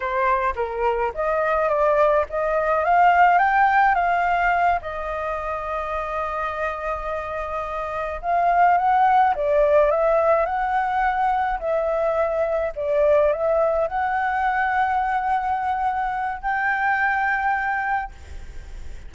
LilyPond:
\new Staff \with { instrumentName = "flute" } { \time 4/4 \tempo 4 = 106 c''4 ais'4 dis''4 d''4 | dis''4 f''4 g''4 f''4~ | f''8 dis''2.~ dis''8~ | dis''2~ dis''8 f''4 fis''8~ |
fis''8 d''4 e''4 fis''4.~ | fis''8 e''2 d''4 e''8~ | e''8 fis''2.~ fis''8~ | fis''4 g''2. | }